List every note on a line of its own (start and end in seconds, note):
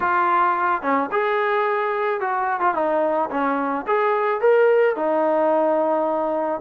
0.00 0.82 F4
0.82 1.09 C#4
1.11 2.20 G#4
2.20 2.60 F#4
2.60 2.74 F4
2.74 3.29 D#4
3.30 3.85 C#4
3.87 4.40 G#4
4.40 4.95 A#4
4.96 6.61 D#4